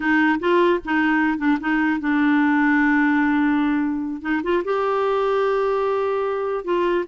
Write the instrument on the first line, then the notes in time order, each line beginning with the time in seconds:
clarinet
0.00 D#4
0.39 F4
0.84 D#4
1.37 D4
1.60 D#4
2.00 D4
4.21 D#4
4.43 F4
4.64 G4
6.64 F4